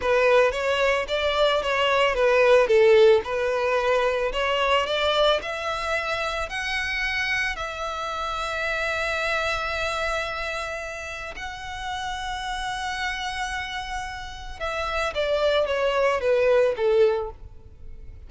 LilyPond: \new Staff \with { instrumentName = "violin" } { \time 4/4 \tempo 4 = 111 b'4 cis''4 d''4 cis''4 | b'4 a'4 b'2 | cis''4 d''4 e''2 | fis''2 e''2~ |
e''1~ | e''4 fis''2.~ | fis''2. e''4 | d''4 cis''4 b'4 a'4 | }